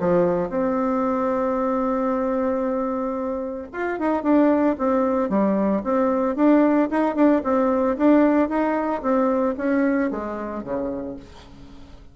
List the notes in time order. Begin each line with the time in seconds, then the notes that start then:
0.00 F3
0.50 C4
3.73 F4
3.99 D#4
4.23 D4
4.78 C4
5.30 G3
5.84 C4
6.36 D4
6.91 D#4
7.16 D4
7.44 C4
7.98 D4
8.49 D#4
9.02 C4
9.58 C#4
10.11 G#3
10.64 C#3